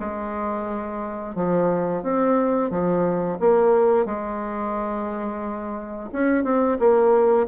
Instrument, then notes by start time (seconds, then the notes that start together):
bassoon
0.00 G#3
1.35 F3
2.03 C4
2.71 F3
3.40 A#3
4.06 G#3
6.13 C#4
6.44 C4
6.79 A#3